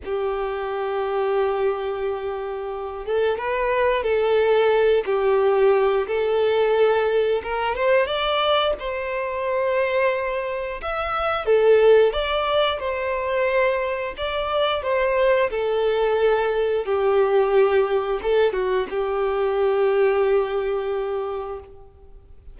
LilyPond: \new Staff \with { instrumentName = "violin" } { \time 4/4 \tempo 4 = 89 g'1~ | g'8 a'8 b'4 a'4. g'8~ | g'4 a'2 ais'8 c''8 | d''4 c''2. |
e''4 a'4 d''4 c''4~ | c''4 d''4 c''4 a'4~ | a'4 g'2 a'8 fis'8 | g'1 | }